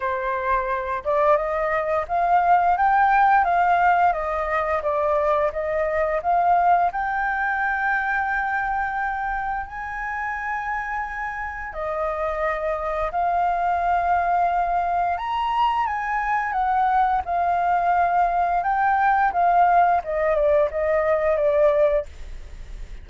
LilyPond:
\new Staff \with { instrumentName = "flute" } { \time 4/4 \tempo 4 = 87 c''4. d''8 dis''4 f''4 | g''4 f''4 dis''4 d''4 | dis''4 f''4 g''2~ | g''2 gis''2~ |
gis''4 dis''2 f''4~ | f''2 ais''4 gis''4 | fis''4 f''2 g''4 | f''4 dis''8 d''8 dis''4 d''4 | }